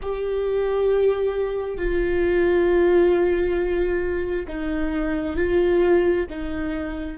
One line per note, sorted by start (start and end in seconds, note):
0.02 1.77 G4
1.77 4.46 F4
4.47 5.36 D#4
5.36 6.26 F4
6.29 7.17 D#4